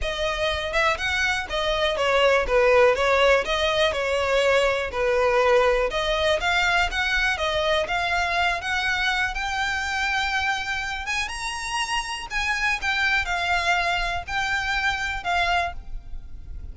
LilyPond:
\new Staff \with { instrumentName = "violin" } { \time 4/4 \tempo 4 = 122 dis''4. e''8 fis''4 dis''4 | cis''4 b'4 cis''4 dis''4 | cis''2 b'2 | dis''4 f''4 fis''4 dis''4 |
f''4. fis''4. g''4~ | g''2~ g''8 gis''8 ais''4~ | ais''4 gis''4 g''4 f''4~ | f''4 g''2 f''4 | }